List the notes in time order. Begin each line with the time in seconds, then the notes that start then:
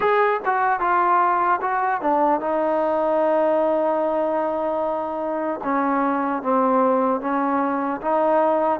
0.00 G#4
0.45 F#4
0.80 F4
1.61 F#4
2.01 D4
2.40 D#4
5.63 C#4
6.42 C4
7.20 C#4
8.01 D#4